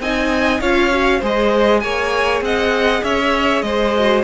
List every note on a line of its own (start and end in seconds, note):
0.00 0.61 C4
0.00 0.62 D#4
0.00 0.61 D#5
0.00 0.61 G#5
0.61 1.21 C#4
0.61 0.92 F4
0.61 1.20 C#5
0.61 1.22 F5
0.92 1.22 F#4
1.20 1.83 G#3
1.20 3.95 G#4
1.20 1.81 C5
1.26 1.80 D#5
1.80 2.42 A#3
1.80 2.44 C#5
1.80 2.41 G#5
2.42 3.02 C4
2.42 3.04 D#5
2.42 3.04 F#5
3.04 3.63 C#4
3.04 3.65 C#5
3.04 3.62 E5
3.62 4.23 G#3
3.62 4.24 C5
3.62 4.23 D#5
3.97 4.24 F#4